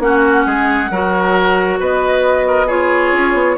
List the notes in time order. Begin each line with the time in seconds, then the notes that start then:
0.00 A#3 C#4 F#4 F#5
0.46 G#3 G#4
0.91 F#3 F#4 A#4
1.80 B3 B4 D#5
2.48 A#4
2.67 F4 G#4 C#5
3.13 C#4
3.34 B3